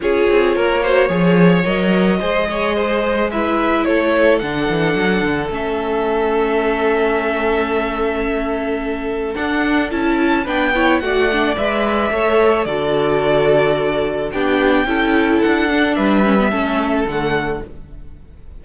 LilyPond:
<<
  \new Staff \with { instrumentName = "violin" } { \time 4/4 \tempo 4 = 109 cis''2. dis''4~ | dis''2 e''4 cis''4 | fis''2 e''2~ | e''1~ |
e''4 fis''4 a''4 g''4 | fis''4 e''2 d''4~ | d''2 g''2 | fis''4 e''2 fis''4 | }
  \new Staff \with { instrumentName = "violin" } { \time 4/4 gis'4 ais'8 c''8 cis''2 | c''8 cis''8 c''4 b'4 a'4~ | a'1~ | a'1~ |
a'2. b'8 cis''8 | d''2 cis''4 a'4~ | a'2 g'4 a'4~ | a'4 b'4 a'2 | }
  \new Staff \with { instrumentName = "viola" } { \time 4/4 f'4. fis'8 gis'4 ais'4 | gis'2 e'2 | d'2 cis'2~ | cis'1~ |
cis'4 d'4 e'4 d'8 e'8 | fis'8 d'8 b'4 a'4 fis'4~ | fis'2 d'4 e'4~ | e'8 d'4 cis'16 b16 cis'4 a4 | }
  \new Staff \with { instrumentName = "cello" } { \time 4/4 cis'8 c'8 ais4 f4 fis4 | gis2. a4 | d8 e8 fis8 d8 a2~ | a1~ |
a4 d'4 cis'4 b4 | a4 gis4 a4 d4~ | d2 b4 cis'4 | d'4 g4 a4 d4 | }
>>